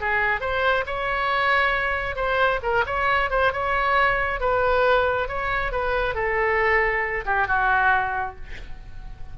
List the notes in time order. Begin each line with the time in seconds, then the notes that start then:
0.00 G#4
0.40 C5
0.86 C#5
2.16 C5
2.62 A#4
2.86 C#5
3.30 C5
3.52 C#5
4.40 B4
5.28 C#5
5.72 B4
6.14 A4
7.25 G4
7.47 F#4